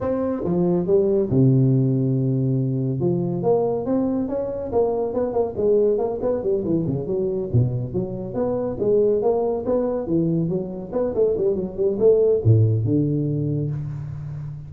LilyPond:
\new Staff \with { instrumentName = "tuba" } { \time 4/4 \tempo 4 = 140 c'4 f4 g4 c4~ | c2. f4 | ais4 c'4 cis'4 ais4 | b8 ais8 gis4 ais8 b8 g8 e8 |
cis8 fis4 b,4 fis4 b8~ | b8 gis4 ais4 b4 e8~ | e8 fis4 b8 a8 g8 fis8 g8 | a4 a,4 d2 | }